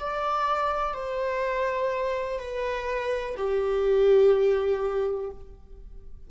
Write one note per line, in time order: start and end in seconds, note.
0.00 0.94 D5
0.94 2.39 C5
2.39 3.36 B4
3.37 5.31 G4